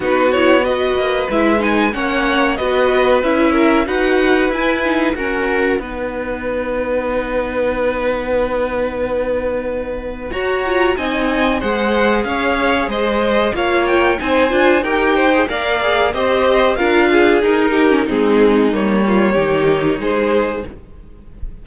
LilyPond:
<<
  \new Staff \with { instrumentName = "violin" } { \time 4/4 \tempo 4 = 93 b'8 cis''8 dis''4 e''8 gis''8 fis''4 | dis''4 e''4 fis''4 gis''4 | fis''1~ | fis''1 |
ais''4 gis''4 fis''4 f''4 | dis''4 f''8 g''8 gis''4 g''4 | f''4 dis''4 f''4 ais'4 | gis'4 cis''2 c''4 | }
  \new Staff \with { instrumentName = "violin" } { \time 4/4 fis'4 b'2 cis''4 | b'4. ais'8 b'2 | ais'4 b'2.~ | b'1 |
cis''4 dis''4 c''4 cis''4 | c''4 cis''4 c''4 ais'8 c''8 | d''4 c''4 ais'8 gis'4 g'8 | dis'4. f'8 g'4 gis'4 | }
  \new Staff \with { instrumentName = "viola" } { \time 4/4 dis'8 e'8 fis'4 e'8 dis'8 cis'4 | fis'4 e'4 fis'4 e'8 dis'8 | cis'4 dis'2.~ | dis'1 |
fis'8 f'8 dis'4 gis'2~ | gis'4 f'4 dis'8 f'8 g'8. gis'16 | ais'8 gis'8 g'4 f'4 dis'8. cis'16 | c'4 ais4 dis'2 | }
  \new Staff \with { instrumentName = "cello" } { \time 4/4 b4. ais8 gis4 ais4 | b4 cis'4 dis'4 e'4 | fis'4 b2.~ | b1 |
fis'4 c'4 gis4 cis'4 | gis4 ais4 c'8 d'8 dis'4 | ais4 c'4 d'4 dis'4 | gis4 g4 dis4 gis4 | }
>>